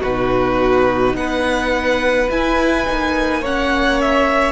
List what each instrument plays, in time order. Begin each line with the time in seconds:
0.00 cello B2, viola D#4, violin F#4 B4
1.15 cello B3, violin B4 F#5
2.29 cello E4, viola E4, violin G#5
2.86 cello A#3, viola D#4
3.41 viola C#4, violin C#5 F#5
4.01 violin E5